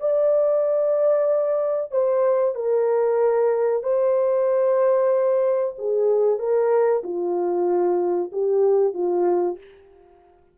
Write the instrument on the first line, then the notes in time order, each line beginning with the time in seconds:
horn
0.00 D5
1.91 C5
2.55 A#4
3.83 C5
5.78 G#4
6.39 A#4
7.03 F4
8.32 G4
8.94 F4